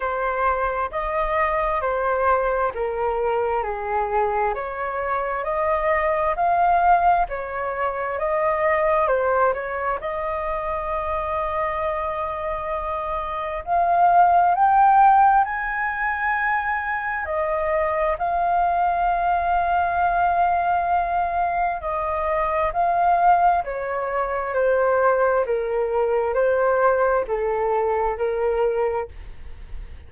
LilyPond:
\new Staff \with { instrumentName = "flute" } { \time 4/4 \tempo 4 = 66 c''4 dis''4 c''4 ais'4 | gis'4 cis''4 dis''4 f''4 | cis''4 dis''4 c''8 cis''8 dis''4~ | dis''2. f''4 |
g''4 gis''2 dis''4 | f''1 | dis''4 f''4 cis''4 c''4 | ais'4 c''4 a'4 ais'4 | }